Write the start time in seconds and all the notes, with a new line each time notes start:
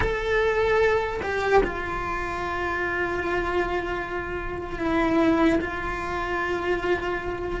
0.00 A4
1.22 G4
1.63 F4
4.79 E4
5.60 F4